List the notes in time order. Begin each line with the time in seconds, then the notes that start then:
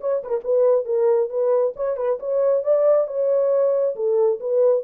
0.00 C#5
0.23 A#4 B4
0.44 B4
0.85 A#4
1.29 B4
1.76 C#5
1.97 B4
2.19 C#5
2.63 D5
3.07 C#5
3.95 A4
4.40 B4